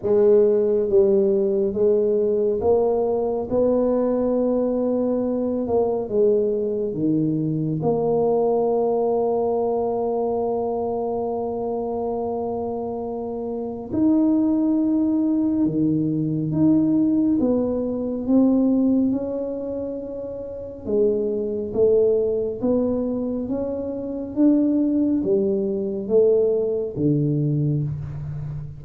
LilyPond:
\new Staff \with { instrumentName = "tuba" } { \time 4/4 \tempo 4 = 69 gis4 g4 gis4 ais4 | b2~ b8 ais8 gis4 | dis4 ais2.~ | ais1 |
dis'2 dis4 dis'4 | b4 c'4 cis'2 | gis4 a4 b4 cis'4 | d'4 g4 a4 d4 | }